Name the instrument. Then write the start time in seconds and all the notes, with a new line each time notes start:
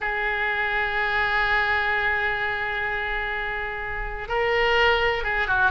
oboe
0.00 G#4
4.28 A#4
5.23 G#4
5.47 F#4